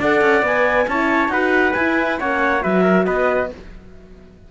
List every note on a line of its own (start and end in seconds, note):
0.00 0.22 D4
0.00 0.45 A4
0.00 0.88 D5
0.00 0.46 F#5
0.22 0.43 C#4
0.43 0.86 B3
0.43 0.91 B4
0.43 0.89 G#5
0.88 1.29 C#4
0.88 1.31 E4
0.88 1.33 C#5
0.88 1.30 A5
1.29 1.73 D#4
1.29 1.75 F#4
1.29 2.20 B4
1.29 1.74 F#5
1.74 2.20 E4
1.74 2.21 E4
1.74 2.18 G#5
2.20 2.65 A#3
2.20 2.62 C#4
2.20 2.64 C#5
2.20 2.63 F#5
2.62 3.08 F#3
2.62 3.50 F#4
2.62 2.83 B4
2.62 3.06 E5
2.83 3.05 A#4
3.06 3.51 B3
3.06 3.51 B4
3.06 3.49 D#5